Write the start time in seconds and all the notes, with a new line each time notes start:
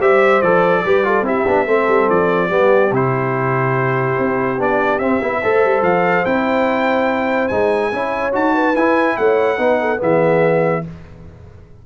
0.00 G3 G4 C5 E5
0.42 F3 A4 D5
0.86 G3 G4 B4
1.04 F4 A4
1.22 C4 E4 G4 E5
1.47 B3 D4
1.67 A3 C4 A4
1.88 G3
2.10 F3 D5
2.48 G3 B3 G4
2.92 C3 E4 C5
4.19 C4
4.59 B3 D4 D5
4.99 C4 E5
5.21 B3 E4
5.42 A3 A4 C5
5.65 G3
5.82 F3 F5
6.26 C4 E4 G5
7.48 G#3 D#4 G#5
7.93 C#4 E4 C#5
8.33 D#4 F#4 A5
8.54 B4
8.75 E4 G#5
9.17 A3 C#5 F#5
9.58 B3 D#4 B4
9.81 A4
9.98 E3 B3 G#4 E5